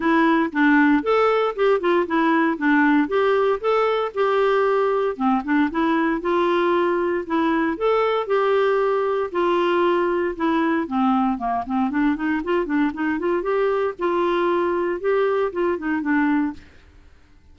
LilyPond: \new Staff \with { instrumentName = "clarinet" } { \time 4/4 \tempo 4 = 116 e'4 d'4 a'4 g'8 f'8 | e'4 d'4 g'4 a'4 | g'2 c'8 d'8 e'4 | f'2 e'4 a'4 |
g'2 f'2 | e'4 c'4 ais8 c'8 d'8 dis'8 | f'8 d'8 dis'8 f'8 g'4 f'4~ | f'4 g'4 f'8 dis'8 d'4 | }